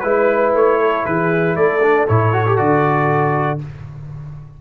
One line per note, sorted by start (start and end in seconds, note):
0.00 0.54 G#3
0.00 1.81 E4
0.00 0.51 B4
0.00 0.79 B4
0.54 1.05 A3
0.54 1.05 C#5
0.79 1.04 A4
1.05 1.56 E3
1.05 1.57 G#4
1.05 1.56 B4
1.56 2.07 A3
1.56 3.60 A4
1.56 2.07 D5
1.82 2.08 D4
2.07 2.59 A2
2.07 2.33 E4
2.07 2.58 C#5
2.33 2.45 F#4
2.46 2.57 G4
2.57 3.61 D3
2.57 3.58 F#4
2.57 3.59 D5